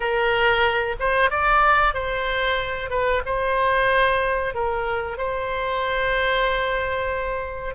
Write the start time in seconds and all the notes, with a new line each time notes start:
0.00 A#4
0.99 C5
1.30 D5
1.94 C5
2.89 B4
3.25 C5
4.54 A#4
5.17 C5